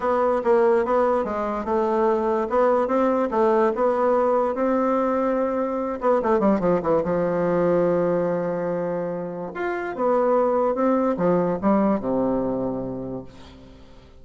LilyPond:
\new Staff \with { instrumentName = "bassoon" } { \time 4/4 \tempo 4 = 145 b4 ais4 b4 gis4 | a2 b4 c'4 | a4 b2 c'4~ | c'2~ c'8 b8 a8 g8 |
f8 e8 f2.~ | f2. f'4 | b2 c'4 f4 | g4 c2. | }